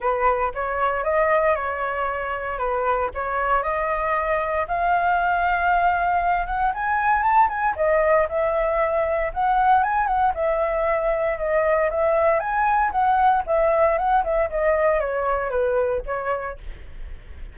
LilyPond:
\new Staff \with { instrumentName = "flute" } { \time 4/4 \tempo 4 = 116 b'4 cis''4 dis''4 cis''4~ | cis''4 b'4 cis''4 dis''4~ | dis''4 f''2.~ | f''8 fis''8 gis''4 a''8 gis''8 dis''4 |
e''2 fis''4 gis''8 fis''8 | e''2 dis''4 e''4 | gis''4 fis''4 e''4 fis''8 e''8 | dis''4 cis''4 b'4 cis''4 | }